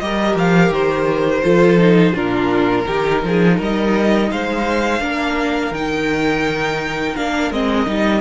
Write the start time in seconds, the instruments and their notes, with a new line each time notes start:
0.00 cello G3, viola G4, violin A#4 D#5
0.36 cello F3, violin F5
0.70 cello D#3, violin C5
1.44 cello F3, viola F4, violin A4
1.78 viola D#4
2.14 cello A#2, viola D4, violin F4 A#4
2.86 cello D#3, viola D#4, violin G4
3.24 cello F3, violin G#4
3.57 cello G3, violin A#4 D#5
4.32 cello G#3, violin C5 F5
5.00 cello A#3, viola D4, violin A#4
5.72 cello D#3, viola D#4, violin G5
7.17 cello A#3, viola D4, violin F5
7.51 cello G#3, viola C4, violin D#5
7.87 cello G3, viola D#4